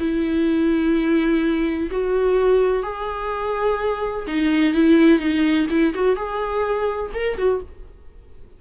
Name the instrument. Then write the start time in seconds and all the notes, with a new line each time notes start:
viola
0.00 E4
1.91 F#4
2.83 G#4
4.27 D#4
4.75 E4
5.19 D#4
5.70 E4
5.95 F#4
6.16 G#4
7.14 A#4
7.38 F#4